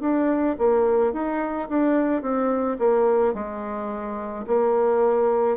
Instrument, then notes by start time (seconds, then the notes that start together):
bassoon
0.00 D4
0.58 A#3
1.13 D#4
1.69 D4
2.22 C4
2.79 A#3
3.34 G#3
4.47 A#3